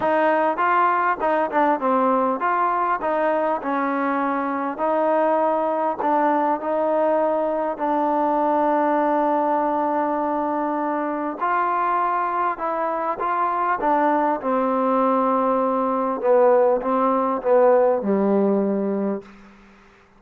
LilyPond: \new Staff \with { instrumentName = "trombone" } { \time 4/4 \tempo 4 = 100 dis'4 f'4 dis'8 d'8 c'4 | f'4 dis'4 cis'2 | dis'2 d'4 dis'4~ | dis'4 d'2.~ |
d'2. f'4~ | f'4 e'4 f'4 d'4 | c'2. b4 | c'4 b4 g2 | }